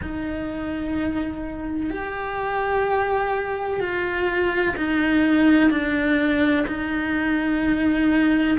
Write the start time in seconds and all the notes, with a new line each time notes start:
0.02 D#4
1.90 G4
3.80 F4
4.76 D#4
5.70 D4
6.67 D#4